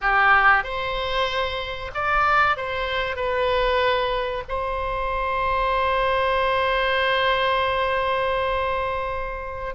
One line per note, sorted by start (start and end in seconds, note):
0.01 0.63 G4
0.63 1.91 C5
1.94 2.56 D5
2.56 3.16 C5
3.16 4.43 B4
4.48 9.74 C5